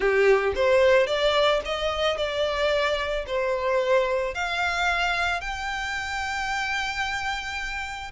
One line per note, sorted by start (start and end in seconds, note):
0.00 0.53 G4
0.55 1.06 C5
1.06 1.60 D5
1.65 2.17 D#5
2.17 3.25 D5
3.26 4.34 C5
4.34 5.41 F5
5.41 8.11 G5